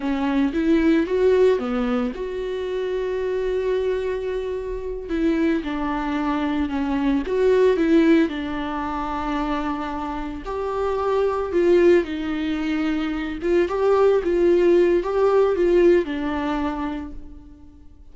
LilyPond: \new Staff \with { instrumentName = "viola" } { \time 4/4 \tempo 4 = 112 cis'4 e'4 fis'4 b4 | fis'1~ | fis'4. e'4 d'4.~ | d'8 cis'4 fis'4 e'4 d'8~ |
d'2.~ d'8 g'8~ | g'4. f'4 dis'4.~ | dis'4 f'8 g'4 f'4. | g'4 f'4 d'2 | }